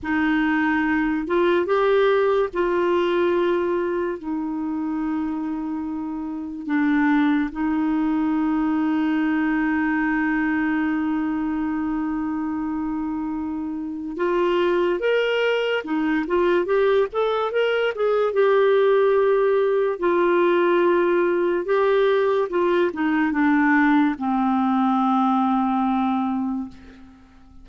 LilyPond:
\new Staff \with { instrumentName = "clarinet" } { \time 4/4 \tempo 4 = 72 dis'4. f'8 g'4 f'4~ | f'4 dis'2. | d'4 dis'2.~ | dis'1~ |
dis'4 f'4 ais'4 dis'8 f'8 | g'8 a'8 ais'8 gis'8 g'2 | f'2 g'4 f'8 dis'8 | d'4 c'2. | }